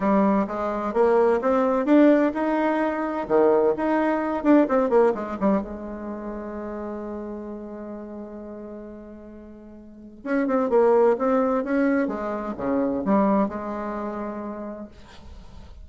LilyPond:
\new Staff \with { instrumentName = "bassoon" } { \time 4/4 \tempo 4 = 129 g4 gis4 ais4 c'4 | d'4 dis'2 dis4 | dis'4. d'8 c'8 ais8 gis8 g8 | gis1~ |
gis1~ | gis2 cis'8 c'8 ais4 | c'4 cis'4 gis4 cis4 | g4 gis2. | }